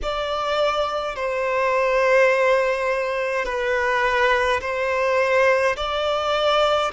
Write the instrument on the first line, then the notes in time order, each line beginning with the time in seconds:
violin
0.02 D5
1.15 C5
3.45 B4
4.60 C5
5.76 D5